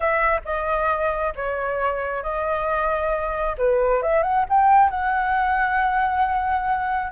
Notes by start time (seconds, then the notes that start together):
0.00 E5
0.44 D#5
1.35 C#5
2.22 D#5
3.58 B4
4.02 E5
4.22 F#5
4.49 G5
4.90 F#5